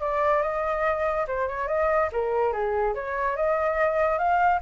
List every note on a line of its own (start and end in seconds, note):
0.00 0.42 D5
0.42 1.26 D#5
1.27 1.48 C5
1.48 1.68 C#5
1.68 2.10 D#5
2.12 2.53 A#4
2.53 2.94 G#4
2.95 3.36 C#5
3.36 4.18 D#5
4.18 4.60 F5